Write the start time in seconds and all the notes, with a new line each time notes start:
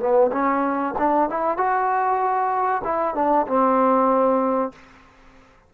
0.00 B3
0.32 C#4
0.99 D4
1.30 E4
1.57 F#4
2.84 E4
3.15 D4
3.47 C4